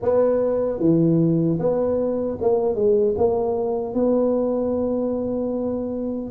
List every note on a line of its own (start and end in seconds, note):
0.02 0.79 B3
0.79 1.58 E3
1.59 2.38 B3
2.41 2.75 A#3
2.75 3.14 G#3
3.17 3.94 A#3
3.94 6.30 B3